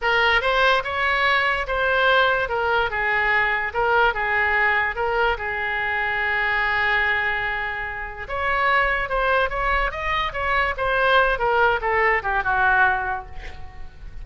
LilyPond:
\new Staff \with { instrumentName = "oboe" } { \time 4/4 \tempo 4 = 145 ais'4 c''4 cis''2 | c''2 ais'4 gis'4~ | gis'4 ais'4 gis'2 | ais'4 gis'2.~ |
gis'1 | cis''2 c''4 cis''4 | dis''4 cis''4 c''4. ais'8~ | ais'8 a'4 g'8 fis'2 | }